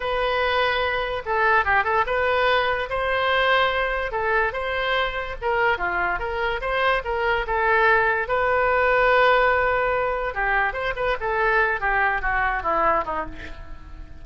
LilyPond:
\new Staff \with { instrumentName = "oboe" } { \time 4/4 \tempo 4 = 145 b'2. a'4 | g'8 a'8 b'2 c''4~ | c''2 a'4 c''4~ | c''4 ais'4 f'4 ais'4 |
c''4 ais'4 a'2 | b'1~ | b'4 g'4 c''8 b'8 a'4~ | a'8 g'4 fis'4 e'4 dis'8 | }